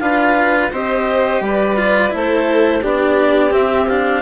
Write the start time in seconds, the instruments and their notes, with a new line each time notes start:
0.00 bassoon D4, cello F4, violin B4, clarinet F5
0.72 bassoon C4, cello G4, violin C5, clarinet D#5
1.41 bassoon G3, violin B4, clarinet D5
1.77 cello F4
2.10 bassoon A3, cello E4, clarinet C5
2.16 violin A4
2.82 bassoon B3, cello D4, violin G4, clarinet D5
3.51 cello C4, bassoon C4, clarinet E5
3.88 cello D4, clarinet F5